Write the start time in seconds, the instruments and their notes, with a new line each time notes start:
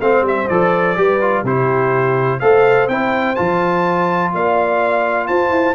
0.00 tuba A3, trombone C4, horn C5, trumpet F5
0.22 tuba G3
0.28 trumpet E5
0.48 tuba F3, trombone A4, trumpet D5
0.96 tuba G3, trombone G4, horn B4
1.21 trombone F4
1.43 tuba C3, trombone E4, horn G4, trumpet C5
2.40 tuba A3, trombone A4, horn C5, trumpet F5
2.88 tuba C4, trombone E4, trumpet G5
3.35 tuba F3, trombone F4, trumpet A5
4.34 tuba A#3, horn D5, trumpet F5
5.27 tuba F4, horn C5, trumpet A5
5.50 tuba E4